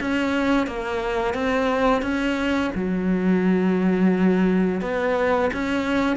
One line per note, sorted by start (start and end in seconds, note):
0.00 0.66 C#4
0.66 1.34 A#3
1.34 2.02 C4
2.02 2.71 C#4
2.74 4.81 F#3
4.81 5.50 B3
5.53 6.16 C#4